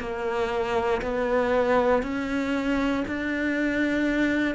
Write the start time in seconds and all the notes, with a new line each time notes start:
0.00 A#3
1.02 B3
2.03 C#4
3.08 D4